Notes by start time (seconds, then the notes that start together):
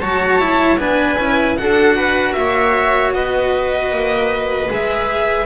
0.00 F#3 F#4 C#5 A5
0.39 E4
0.77 B3 D4 B4 G#5
1.18 C#4 E4
1.57 D4 F#4 A4 F#5
1.96 B4
2.33 A#3 C#5 E5
3.13 B3 B4 D#5
3.91 A#3
4.69 G#3 G#4 E5